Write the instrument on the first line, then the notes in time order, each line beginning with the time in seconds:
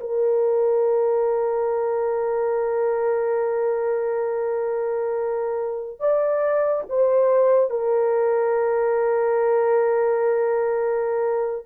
horn
0.00 A#4
6.00 D5
6.89 C5
7.70 A#4